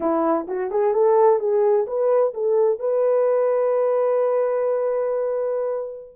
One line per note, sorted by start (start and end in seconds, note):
0.00 0.47 E4
0.47 0.70 F#4
0.70 0.93 G#4
0.93 1.39 A4
1.39 1.86 G#4
1.86 2.33 B4
2.34 2.79 A4
2.79 6.15 B4